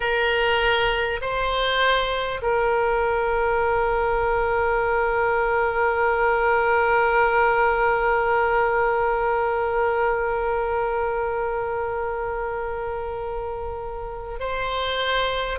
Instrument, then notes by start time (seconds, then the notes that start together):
oboe
0.00 A#4
1.21 C5
2.42 A#4
14.39 C5